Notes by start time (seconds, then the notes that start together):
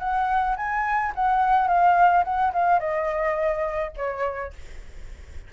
0.00 F#5
0.57 G#5
1.15 F#5
1.68 F5
2.25 F#5
2.54 F5
2.80 D#5
3.97 C#5